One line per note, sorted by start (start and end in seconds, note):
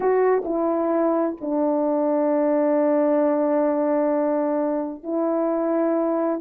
0.00 0.43 F#4
0.44 1.36 E4
1.40 5.03 D4
5.03 6.40 E4